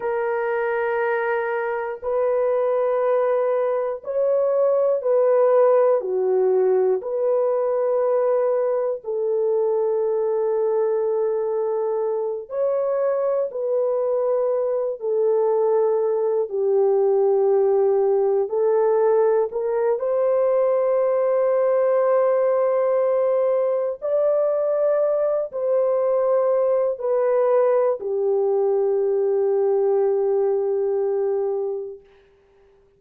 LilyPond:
\new Staff \with { instrumentName = "horn" } { \time 4/4 \tempo 4 = 60 ais'2 b'2 | cis''4 b'4 fis'4 b'4~ | b'4 a'2.~ | a'8 cis''4 b'4. a'4~ |
a'8 g'2 a'4 ais'8 | c''1 | d''4. c''4. b'4 | g'1 | }